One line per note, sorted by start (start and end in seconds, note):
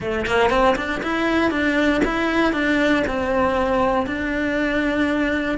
0.00 0.25 A3
0.25 0.50 A#3
0.50 0.75 C4
0.76 1.01 D4
1.03 1.50 E4
1.50 2.01 D4
2.04 2.53 E4
2.53 3.03 D4
3.07 4.06 C4
4.06 5.57 D4